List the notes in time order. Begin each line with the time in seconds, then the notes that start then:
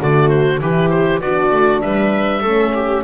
0.00 D3 A3 F#4 D5
0.29 C5
0.61 E3 E4 G4 B4
0.90 C5
1.21 B3 D4 F#4 D5
1.51 A3
1.81 G3 B4 E5
2.40 A3 C#4 A4
2.74 G4